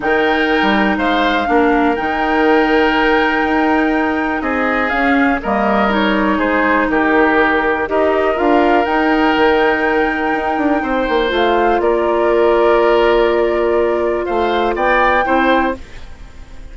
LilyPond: <<
  \new Staff \with { instrumentName = "flute" } { \time 4/4 \tempo 4 = 122 g''2 f''2 | g''1~ | g''4 dis''4 f''4 dis''4 | cis''4 c''4 ais'2 |
dis''4 f''4 g''2~ | g''2. f''4 | d''1~ | d''4 f''4 g''2 | }
  \new Staff \with { instrumentName = "oboe" } { \time 4/4 ais'2 c''4 ais'4~ | ais'1~ | ais'4 gis'2 ais'4~ | ais'4 gis'4 g'2 |
ais'1~ | ais'2 c''2 | ais'1~ | ais'4 c''4 d''4 c''4 | }
  \new Staff \with { instrumentName = "clarinet" } { \time 4/4 dis'2. d'4 | dis'1~ | dis'2 cis'4 ais4 | dis'1 |
g'4 f'4 dis'2~ | dis'2. f'4~ | f'1~ | f'2. e'4 | }
  \new Staff \with { instrumentName = "bassoon" } { \time 4/4 dis4~ dis16 g8. gis4 ais4 | dis2. dis'4~ | dis'4 c'4 cis'4 g4~ | g4 gis4 dis2 |
dis'4 d'4 dis'4 dis4~ | dis4 dis'8 d'8 c'8 ais8 a4 | ais1~ | ais4 a4 b4 c'4 | }
>>